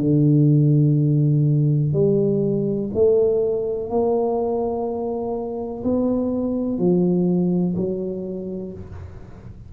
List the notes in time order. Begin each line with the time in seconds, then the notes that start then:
0.00 D3
1.93 G3
2.94 A3
3.90 A#3
5.84 B3
6.78 F3
7.76 F#3